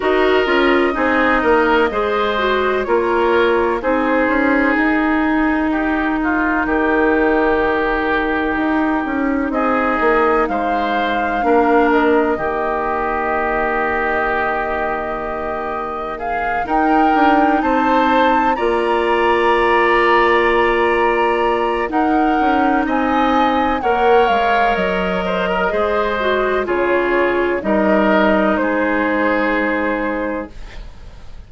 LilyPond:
<<
  \new Staff \with { instrumentName = "flute" } { \time 4/4 \tempo 4 = 63 dis''2. cis''4 | c''4 ais'2.~ | ais'2 dis''4 f''4~ | f''8 dis''2.~ dis''8~ |
dis''4 f''8 g''4 a''4 ais''8~ | ais''2. fis''4 | gis''4 fis''8 f''8 dis''2 | cis''4 dis''4 c''2 | }
  \new Staff \with { instrumentName = "oboe" } { \time 4/4 ais'4 gis'8 ais'8 c''4 ais'4 | gis'2 g'8 f'8 g'4~ | g'2 gis'4 c''4 | ais'4 g'2.~ |
g'4 gis'8 ais'4 c''4 d''8~ | d''2. ais'4 | dis''4 cis''4. c''16 ais'16 c''4 | gis'4 ais'4 gis'2 | }
  \new Staff \with { instrumentName = "clarinet" } { \time 4/4 fis'8 f'8 dis'4 gis'8 fis'8 f'4 | dis'1~ | dis'1 | d'4 ais2.~ |
ais4. dis'2 f'8~ | f'2. dis'4~ | dis'4 ais'2 gis'8 fis'8 | f'4 dis'2. | }
  \new Staff \with { instrumentName = "bassoon" } { \time 4/4 dis'8 cis'8 c'8 ais8 gis4 ais4 | c'8 cis'8 dis'2 dis4~ | dis4 dis'8 cis'8 c'8 ais8 gis4 | ais4 dis2.~ |
dis4. dis'8 d'8 c'4 ais8~ | ais2. dis'8 cis'8 | c'4 ais8 gis8 fis4 gis4 | cis4 g4 gis2 | }
>>